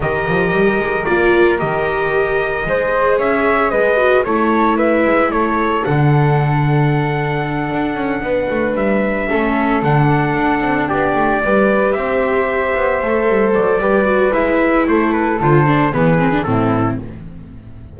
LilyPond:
<<
  \new Staff \with { instrumentName = "trumpet" } { \time 4/4 \tempo 4 = 113 dis''2 d''4 dis''4~ | dis''2 e''4 dis''4 | cis''4 e''4 cis''4 fis''4~ | fis''1~ |
fis''8 e''2 fis''4.~ | fis''8 d''2 e''4.~ | e''4. d''4. e''4 | c''8 b'8 c''4 b'4 a'4 | }
  \new Staff \with { instrumentName = "flute" } { \time 4/4 ais'1~ | ais'4 c''4 cis''4 b'4 | a'4 b'4 a'2~ | a'2.~ a'8 b'8~ |
b'4. a'2~ a'8~ | a'8 g'4 b'4 c''4.~ | c''2 b'2 | a'2 gis'4 e'4 | }
  \new Staff \with { instrumentName = "viola" } { \time 4/4 g'2 f'4 g'4~ | g'4 gis'2~ gis'8 fis'8 | e'2. d'4~ | d'1~ |
d'4. cis'4 d'4.~ | d'4. g'2~ g'8~ | g'8 a'4. g'8 fis'8 e'4~ | e'4 f'8 d'8 b8 c'16 d'16 c'4 | }
  \new Staff \with { instrumentName = "double bass" } { \time 4/4 dis8 f8 g8 gis8 ais4 dis4~ | dis4 gis4 cis'4 gis4 | a4. gis8 a4 d4~ | d2~ d8 d'8 cis'8 b8 |
a8 g4 a4 d4 d'8 | c'8 b8 a8 g4 c'4. | b8 a8 g8 fis8 g4 gis4 | a4 d4 e4 a,4 | }
>>